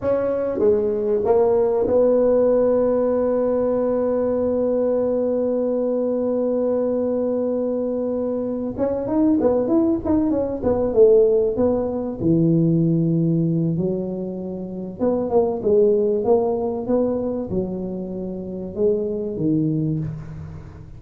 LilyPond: \new Staff \with { instrumentName = "tuba" } { \time 4/4 \tempo 4 = 96 cis'4 gis4 ais4 b4~ | b1~ | b1~ | b2 cis'8 dis'8 b8 e'8 |
dis'8 cis'8 b8 a4 b4 e8~ | e2 fis2 | b8 ais8 gis4 ais4 b4 | fis2 gis4 dis4 | }